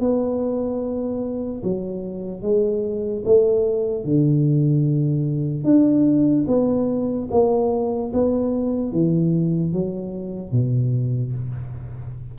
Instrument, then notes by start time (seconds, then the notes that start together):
tuba
0.00 B3
1.63 F#3
2.42 G#3
3.25 A3
4.04 D3
5.64 D4
6.48 B3
7.31 A#3
8.13 B3
8.92 E3
9.73 F#3
10.52 B2